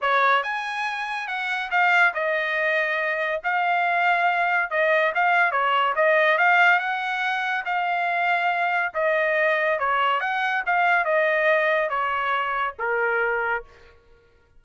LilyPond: \new Staff \with { instrumentName = "trumpet" } { \time 4/4 \tempo 4 = 141 cis''4 gis''2 fis''4 | f''4 dis''2. | f''2. dis''4 | f''4 cis''4 dis''4 f''4 |
fis''2 f''2~ | f''4 dis''2 cis''4 | fis''4 f''4 dis''2 | cis''2 ais'2 | }